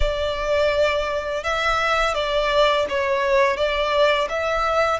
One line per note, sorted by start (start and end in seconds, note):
0.00 1.43 D5
1.43 2.14 E5
2.14 2.86 D5
2.89 3.56 C#5
3.56 4.28 D5
4.29 5.00 E5